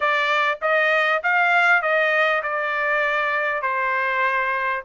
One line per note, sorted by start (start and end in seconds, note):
0.00 0.59 D5
0.61 1.22 D#5
1.23 1.82 F5
1.82 2.42 D#5
2.42 3.61 D5
3.61 4.83 C5